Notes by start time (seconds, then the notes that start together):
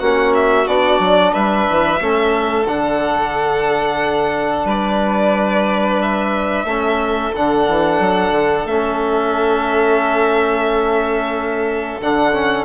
0.00 A#3 C#4 F#4 F#5
0.35 E5
0.67 B3 D4 D5
0.99 F#3
1.33 G3 B4 E5
1.70 E3
2.00 A3 C#4 A4
2.67 D3 D4 F#5
4.65 G3 B4 D5
6.02 E5
6.65 A3 C#4 A4
7.36 D3 D4 F#5
7.68 E3
8.00 F#3
8.32 D3
8.66 A3 C#4 E5
12.01 D3 D4 F#5
12.33 C#4